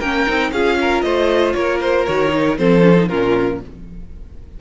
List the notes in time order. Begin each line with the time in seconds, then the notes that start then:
0.00 A#3 C#4 A#4 G5
0.27 C4 D#4
0.52 C#4 F4 G#4 F5
0.82 A#4
1.02 A3 C5 D#5
1.54 A#3 A#4 C#5
1.81 C5
2.06 D#3 F#4 C#5
2.29 D#4
2.58 F3 C4 A4 C5
2.83 C#4
2.97 D#4
3.09 A#2 C#4 F4 A#4